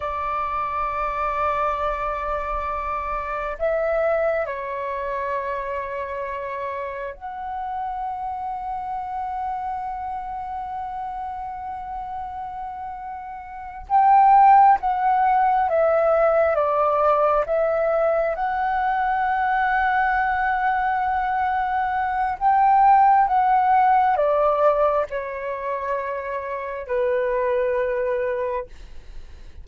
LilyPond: \new Staff \with { instrumentName = "flute" } { \time 4/4 \tempo 4 = 67 d''1 | e''4 cis''2. | fis''1~ | fis''2.~ fis''8 g''8~ |
g''8 fis''4 e''4 d''4 e''8~ | e''8 fis''2.~ fis''8~ | fis''4 g''4 fis''4 d''4 | cis''2 b'2 | }